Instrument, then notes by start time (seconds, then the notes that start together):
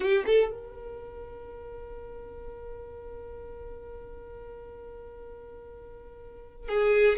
violin
0.00 G4
0.25 A4
0.51 A#4
6.68 G#4